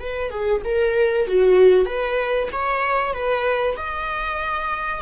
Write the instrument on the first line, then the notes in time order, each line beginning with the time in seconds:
viola
0.00 B4
0.31 G#4
0.65 A#4
1.27 F#4
1.86 B4
2.52 C#5
3.14 B4
3.77 D#5